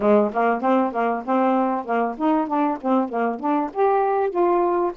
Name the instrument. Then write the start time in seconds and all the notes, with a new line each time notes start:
saxophone
0.00 G#3
0.33 A#3
0.61 C4
0.92 A#3
1.25 C4
1.84 A#3
2.17 D#4
2.47 D4
2.81 C4
3.08 A#3
3.39 D4
3.73 G4
4.30 F4